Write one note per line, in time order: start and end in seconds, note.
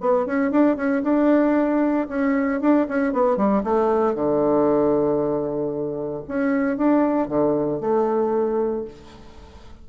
0.00 0.26 B3
0.26 0.51 C#4
0.51 0.76 D4
0.76 1.02 C#4
1.03 2.08 D4
2.08 2.60 C#4
2.60 2.86 D4
2.88 3.13 C#4
3.13 3.37 B3
3.37 3.63 G3
3.64 4.15 A3
4.15 6.23 D3
6.28 6.77 C#4
6.77 7.28 D4
7.28 7.80 D3
7.80 8.85 A3